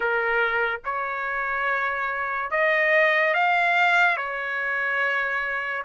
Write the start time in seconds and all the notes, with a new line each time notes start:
0.00 A#4
0.84 C#5
2.50 D#5
3.34 F5
4.16 C#5